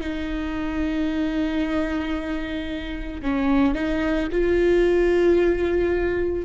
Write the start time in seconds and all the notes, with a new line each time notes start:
0.00 D#4
3.22 C#4
3.75 D#4
4.31 F4